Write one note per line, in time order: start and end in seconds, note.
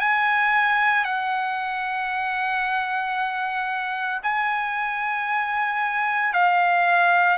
0.00 1.04 G#5
1.04 4.20 F#5
4.22 6.33 G#5
6.33 7.37 F5